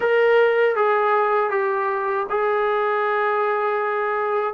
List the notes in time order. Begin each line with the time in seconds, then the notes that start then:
0.00 A#4
0.76 G#4
1.50 G4
2.29 G#4